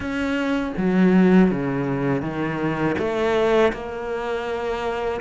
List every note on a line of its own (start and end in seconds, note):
0.00 0.72 C#4
0.77 1.51 F#3
1.51 2.22 C#3
2.22 2.96 D#3
2.98 3.72 A3
3.72 5.21 A#3